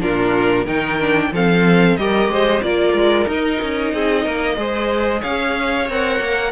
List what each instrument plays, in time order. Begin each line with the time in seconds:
0.00 cello A#2, viola D4, violin F4 A#4
0.65 cello D#3, viola D#4, violin A#4 G5
1.00 viola D4
1.32 cello F3, viola C4, violin A4 F5
1.97 cello G3, viola G4, violin A#4 D#5
2.28 cello G#3, violin C5
2.62 cello A#3, viola F4, violin A#4 D5
2.93 cello G#3
3.26 viola D#4, cello D#4, violin D#5
3.62 cello C#4
3.94 cello C4, violin G#4
4.24 cello A#3, violin A#4
4.56 cello G#3, viola G#4, violin C5
5.21 cello C#4, violin C#5 F5
5.89 cello C4, viola A#4, violin F#5
6.20 cello A#3